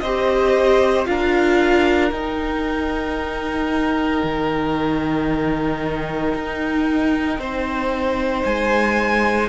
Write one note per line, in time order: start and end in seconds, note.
0.00 1.06 C4
0.00 1.06 G4
0.00 1.08 C5
0.00 1.05 D#5
1.06 2.11 D4
1.06 2.11 F4
1.06 7.39 A#4
1.06 2.11 F5
2.11 4.22 D#4
2.11 9.49 D#4
2.11 8.43 G5
4.23 6.33 D#3
6.34 7.38 D#4
7.38 8.43 C4
7.38 9.49 C5
8.45 9.49 G#3
8.45 9.49 G#5